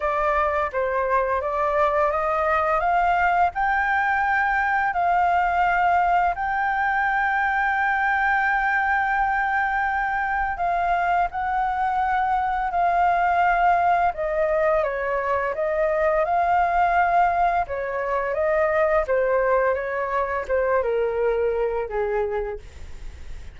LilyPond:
\new Staff \with { instrumentName = "flute" } { \time 4/4 \tempo 4 = 85 d''4 c''4 d''4 dis''4 | f''4 g''2 f''4~ | f''4 g''2.~ | g''2. f''4 |
fis''2 f''2 | dis''4 cis''4 dis''4 f''4~ | f''4 cis''4 dis''4 c''4 | cis''4 c''8 ais'4. gis'4 | }